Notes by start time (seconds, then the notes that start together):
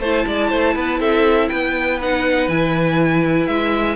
0.00 A3 E4 C5 A5
0.27 G#3 D5
0.50 A3 C5
0.76 B3 B4
1.00 C4 A4 E5
1.49 B3 B4 G5
2.02 D#4 F#5
2.49 E3 E4 G#5
3.47 G#3 E5